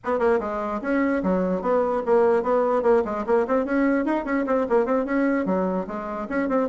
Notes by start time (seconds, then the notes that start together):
0.04 B3
0.19 A#3
0.40 G#3
0.81 C#4
1.23 F#3
1.61 B3
2.05 A#3
2.43 B3
2.82 A#3
3.04 G#3
3.26 A#3
3.47 C4
3.65 C#4
4.05 D#4
4.25 C#4
4.46 C4
4.69 A#3
4.85 C4
5.05 C#4
5.45 F#3
5.87 G#3
6.29 C#4
6.48 C4